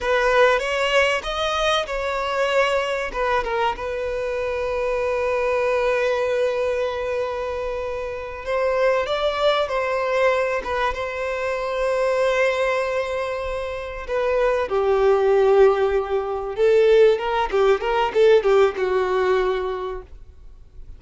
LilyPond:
\new Staff \with { instrumentName = "violin" } { \time 4/4 \tempo 4 = 96 b'4 cis''4 dis''4 cis''4~ | cis''4 b'8 ais'8 b'2~ | b'1~ | b'4. c''4 d''4 c''8~ |
c''4 b'8 c''2~ c''8~ | c''2~ c''8 b'4 g'8~ | g'2~ g'8 a'4 ais'8 | g'8 ais'8 a'8 g'8 fis'2 | }